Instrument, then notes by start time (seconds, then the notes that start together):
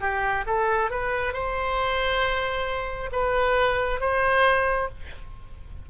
oboe
0.00 G4
0.47 A4
0.90 B4
1.33 C5
3.12 B4
4.00 C5